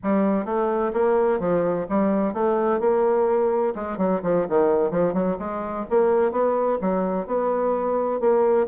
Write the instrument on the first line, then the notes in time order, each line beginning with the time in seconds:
bassoon
0.03 G3
0.45 A3
0.93 A#3
1.39 F3
1.89 G3
2.33 A3
2.80 A#3
3.75 G#3
3.97 F#3
4.23 F3
4.49 D#3
4.90 F3
5.13 F#3
5.38 G#3
5.90 A#3
6.31 B3
6.81 F#3
7.26 B3
8.20 A#3